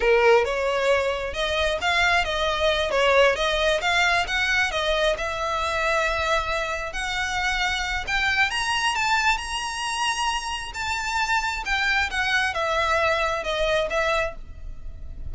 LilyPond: \new Staff \with { instrumentName = "violin" } { \time 4/4 \tempo 4 = 134 ais'4 cis''2 dis''4 | f''4 dis''4. cis''4 dis''8~ | dis''8 f''4 fis''4 dis''4 e''8~ | e''2.~ e''8 fis''8~ |
fis''2 g''4 ais''4 | a''4 ais''2. | a''2 g''4 fis''4 | e''2 dis''4 e''4 | }